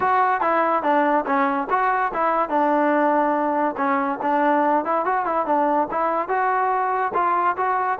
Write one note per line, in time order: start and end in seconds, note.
0.00 0.40 F#4
0.40 0.82 E4
0.82 1.24 D4
1.26 1.68 C#4
1.70 2.12 F#4
2.13 2.49 E4
2.49 3.75 D4
3.77 4.19 C#4
4.22 4.84 D4
4.84 5.05 E4
5.05 5.25 F#4
5.25 5.46 E4
5.46 5.88 D4
5.90 6.28 E4
6.28 7.12 F#4
7.13 7.55 F4
7.56 7.98 F#4